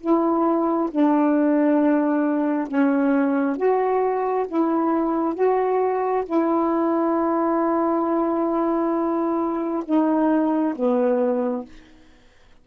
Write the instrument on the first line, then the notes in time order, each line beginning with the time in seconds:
saxophone
0.00 E4
0.91 D4
2.68 C#4
3.57 F#4
4.48 E4
5.34 F#4
6.25 E4
9.85 D#4
10.75 B3